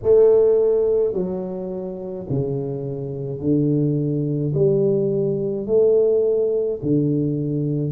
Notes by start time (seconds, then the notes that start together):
0.03 A3
1.13 F#3
2.30 C#3
3.40 D3
4.54 G3
5.66 A3
6.82 D3